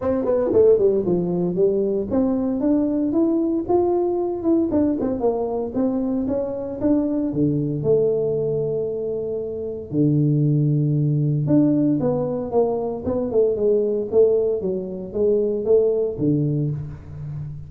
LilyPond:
\new Staff \with { instrumentName = "tuba" } { \time 4/4 \tempo 4 = 115 c'8 b8 a8 g8 f4 g4 | c'4 d'4 e'4 f'4~ | f'8 e'8 d'8 c'8 ais4 c'4 | cis'4 d'4 d4 a4~ |
a2. d4~ | d2 d'4 b4 | ais4 b8 a8 gis4 a4 | fis4 gis4 a4 d4 | }